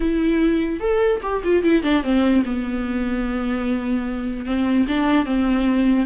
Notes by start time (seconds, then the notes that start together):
0.00 E4
0.80 A4
1.22 G4
1.43 F4
1.63 E4
1.82 D4
2.03 C4
2.45 B3
4.45 C4
4.88 D4
5.25 C4